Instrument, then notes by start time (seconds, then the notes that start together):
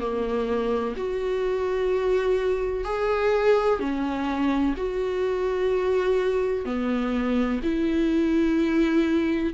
viola
0.00 A#3
0.97 F#4
2.84 G#4
3.80 C#4
4.77 F#4
6.65 B3
7.64 E4